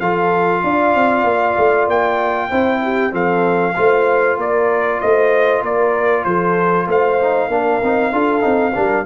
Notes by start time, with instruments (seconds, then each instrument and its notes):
0.00 tuba F3, trombone F4, horn A4, trumpet F5
0.63 tuba D4, horn D5
0.94 tuba C4
1.24 tuba A#3
1.58 tuba A3
1.87 tuba A#3, trumpet G5
2.49 tuba C4, trombone E4, horn C5
2.83 horn G4
3.11 tuba F3, trombone C4, horn A4, trumpet F5
3.76 tuba A3, trombone F4, horn C5
4.37 tuba A#3, horn A#4, trumpet D5
5.00 tuba A3, horn C5, trumpet D#5
5.62 tuba A#3, horn A#4, trumpet D5
6.24 tuba F3, horn A4, trumpet C5
6.87 tuba A3, horn C5, trumpet F5
7.20 trombone D#4
7.48 tuba A#3, trombone D4, horn A#4
7.83 tuba C4, trombone D#4
8.12 tuba D4, trombone F4, horn A4
8.40 tuba C4, trombone D#4
8.74 tuba G3, trombone D4, horn A#4